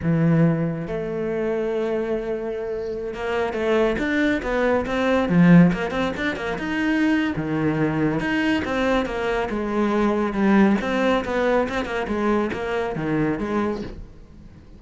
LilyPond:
\new Staff \with { instrumentName = "cello" } { \time 4/4 \tempo 4 = 139 e2 a2~ | a2.~ a16 ais8.~ | ais16 a4 d'4 b4 c'8.~ | c'16 f4 ais8 c'8 d'8 ais8 dis'8.~ |
dis'4 dis2 dis'4 | c'4 ais4 gis2 | g4 c'4 b4 c'8 ais8 | gis4 ais4 dis4 gis4 | }